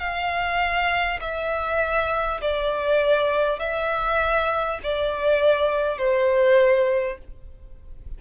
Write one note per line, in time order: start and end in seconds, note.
0.00 1.20 F5
1.21 2.41 E5
2.41 3.59 D5
3.59 4.79 E5
4.83 5.98 D5
5.98 7.18 C5